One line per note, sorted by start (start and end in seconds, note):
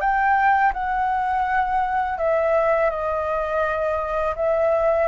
0.00 0.72 G5
0.73 2.18 F#5
2.18 2.90 E5
2.90 4.34 D#5
4.35 5.07 E5